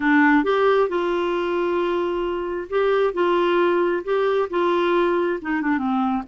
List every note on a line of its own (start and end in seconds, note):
0.00 0.44 D4
0.44 0.88 G4
0.89 2.68 F4
2.69 3.13 G4
3.13 4.03 F4
4.03 4.48 G4
4.50 5.39 F4
5.41 5.61 D#4
5.61 5.78 D4
5.78 6.23 C4